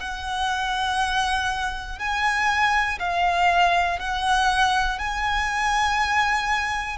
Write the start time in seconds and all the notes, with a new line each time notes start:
0.00 F#5
1.98 G#5
2.99 F5
3.99 F#5
4.99 G#5